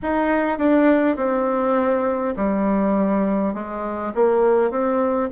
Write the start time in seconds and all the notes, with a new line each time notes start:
0.02 D#4
0.58 D4
1.16 C4
2.36 G3
3.53 G#3
4.14 A#3
4.71 C4